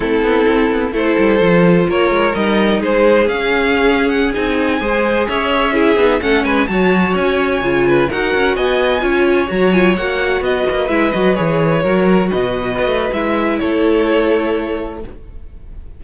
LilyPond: <<
  \new Staff \with { instrumentName = "violin" } { \time 4/4 \tempo 4 = 128 a'2 c''2 | cis''4 dis''4 c''4 f''4~ | f''8. fis''8 gis''2 e''8.~ | e''4~ e''16 fis''8 gis''8 a''4 gis''8.~ |
gis''4~ gis''16 fis''4 gis''4.~ gis''16~ | gis''16 ais''8 gis''8 fis''4 dis''4 e''8 dis''16~ | dis''16 cis''2 dis''4.~ dis''16 | e''4 cis''2. | }
  \new Staff \with { instrumentName = "violin" } { \time 4/4 e'2 a'2 | ais'2 gis'2~ | gis'2~ gis'16 c''4 cis''8.~ | cis''16 gis'4 a'8 b'8 cis''4.~ cis''16~ |
cis''8. b'8 ais'4 dis''4 cis''8.~ | cis''2~ cis''16 b'4.~ b'16~ | b'4~ b'16 ais'4 b'4.~ b'16~ | b'4 a'2. | }
  \new Staff \with { instrumentName = "viola" } { \time 4/4 c'2 e'4 f'4~ | f'4 dis'2 cis'4~ | cis'4~ cis'16 dis'4 gis'4.~ gis'16~ | gis'16 e'8 dis'8 cis'4 fis'4.~ fis'16~ |
fis'16 f'4 fis'2 f'8.~ | f'16 fis'8 f'8 fis'2 e'8 fis'16~ | fis'16 gis'4 fis'2~ fis'8. | e'1 | }
  \new Staff \with { instrumentName = "cello" } { \time 4/4 a8 b8 c'8 b8 a8 g8 f4 | ais8 gis8 g4 gis4 cis'4~ | cis'4~ cis'16 c'4 gis4 cis'8.~ | cis'8. b8 a8 gis8 fis4 cis'8.~ |
cis'16 cis4 dis'8 cis'8 b4 cis'8.~ | cis'16 fis4 ais4 b8 ais8 gis8 fis16~ | fis16 e4 fis4 b,4 b16 a8 | gis4 a2. | }
>>